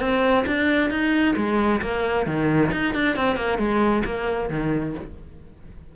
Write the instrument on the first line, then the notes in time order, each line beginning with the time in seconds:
cello
0.00 C4
0.47 D4
0.90 D#4
1.36 G#3
1.82 A#3
2.26 D#3
2.72 D#4
2.94 D4
3.16 C4
3.36 A#3
3.58 G#3
4.05 A#3
4.50 D#3